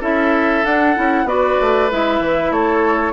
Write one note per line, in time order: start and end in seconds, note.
0.00 0.64 C#4
0.00 0.64 E4
0.00 1.25 A4
0.00 0.65 E5
0.64 0.96 D4
0.64 0.95 D4
0.64 1.27 F#5
0.95 1.24 C#4
0.95 1.26 E4
1.24 1.55 B3
1.24 1.89 F#4
1.24 2.53 B4
1.24 1.90 D5
1.61 1.92 A3
1.91 2.19 G#3
1.91 3.12 E4
1.91 2.52 E5
2.19 2.51 E3
2.51 3.12 A3
2.51 3.12 A4
2.51 3.12 C#5